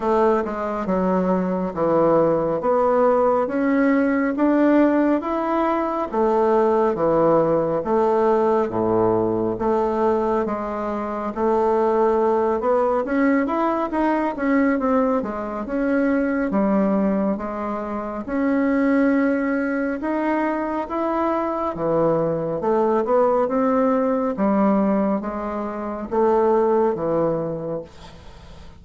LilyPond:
\new Staff \with { instrumentName = "bassoon" } { \time 4/4 \tempo 4 = 69 a8 gis8 fis4 e4 b4 | cis'4 d'4 e'4 a4 | e4 a4 a,4 a4 | gis4 a4. b8 cis'8 e'8 |
dis'8 cis'8 c'8 gis8 cis'4 g4 | gis4 cis'2 dis'4 | e'4 e4 a8 b8 c'4 | g4 gis4 a4 e4 | }